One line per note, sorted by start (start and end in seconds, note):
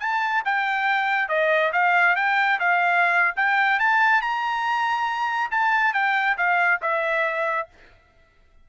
0.00 0.43 A5
0.45 1.29 G5
1.29 1.72 D#5
1.73 2.16 F5
2.16 2.59 G5
2.60 3.35 F5
3.36 3.79 G5
3.79 4.21 A5
4.21 5.51 A#5
5.51 5.93 A5
5.93 6.36 G5
6.37 6.81 F5
6.82 7.68 E5